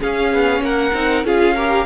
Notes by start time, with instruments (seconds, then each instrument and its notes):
0.00 viola C#4, cello C#4, violin G#4 F5
0.33 cello B3
0.60 cello A#3, violin A#4 F#5
0.93 cello C4, viola D#4
1.24 cello C#4, viola F4, violin G#4 F5
1.55 viola G4, violin A#4